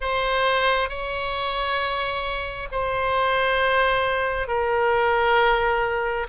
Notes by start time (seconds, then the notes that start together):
0.00 C5
0.89 C#5
2.71 C5
4.47 A#4